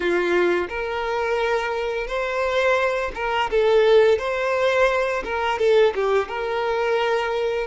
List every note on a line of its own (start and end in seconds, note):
0.00 0.68 F4
0.68 2.07 A#4
2.07 3.11 C5
3.15 3.49 A#4
3.50 4.18 A4
4.18 5.23 C5
5.24 5.58 A#4
5.58 5.93 A4
5.94 6.28 G4
6.28 7.67 A#4